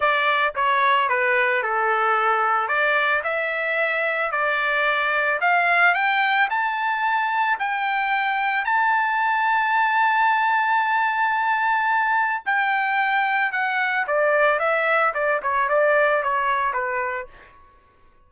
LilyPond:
\new Staff \with { instrumentName = "trumpet" } { \time 4/4 \tempo 4 = 111 d''4 cis''4 b'4 a'4~ | a'4 d''4 e''2 | d''2 f''4 g''4 | a''2 g''2 |
a''1~ | a''2. g''4~ | g''4 fis''4 d''4 e''4 | d''8 cis''8 d''4 cis''4 b'4 | }